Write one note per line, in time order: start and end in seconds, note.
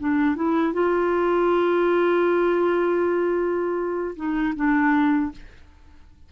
0.00 0.36 D4
0.36 0.74 E4
0.74 4.15 F4
4.17 4.55 D#4
4.56 5.32 D4